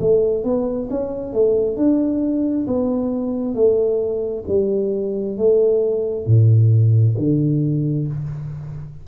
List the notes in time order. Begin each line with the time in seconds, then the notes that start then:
0.00 A3
0.44 B3
0.90 C#4
1.33 A3
1.76 D4
2.67 B3
3.55 A3
4.48 G3
5.37 A3
6.26 A2
7.18 D3